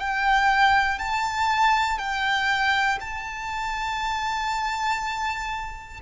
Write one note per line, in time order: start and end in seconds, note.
0.00 0.99 G5
0.99 1.98 A5
1.98 2.98 G5
3.00 6.00 A5